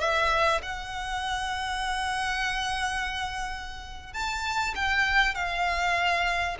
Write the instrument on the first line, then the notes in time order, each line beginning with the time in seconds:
violin
0.00 E5
0.63 F#5
4.14 A5
4.75 G5
5.35 F5